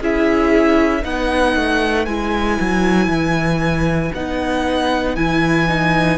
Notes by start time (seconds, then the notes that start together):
0.00 C#4 E4 G#4 E5
1.01 B3 D#4 B4 F#5
1.55 A3
2.05 G#3 E4 G#5
2.60 F#3
3.07 E3
4.14 B3 D#4 F#5
5.16 E3 E4 G#5
5.68 D#4